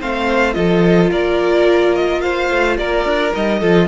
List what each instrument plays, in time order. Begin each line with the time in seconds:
0.00 cello A3, viola C4, violin C5 F5
0.54 cello F3, viola F4, violin A4 D#5
1.10 cello A#3, violin A#4 D5
1.95 violin D#5
2.21 violin C5 F5
2.50 cello A3
2.77 cello A#3, violin A#4 D5
3.05 cello D4
3.32 cello G3, viola D#4, violin D#5
3.59 cello F3, viola F4, violin A4